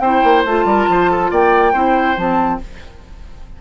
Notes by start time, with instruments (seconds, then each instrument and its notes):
0.00 bassoon C4, clarinet E4, oboe C5, flute G5
0.24 bassoon A#3
0.45 bassoon A3, clarinet F4, flute A5
0.65 bassoon G3, oboe A#4
0.89 bassoon F3, oboe C5
1.11 oboe A4
1.31 bassoon A#3, oboe D5, flute G5
1.73 bassoon C4, clarinet E4, oboe C5
2.17 bassoon F3, clarinet C4, flute A5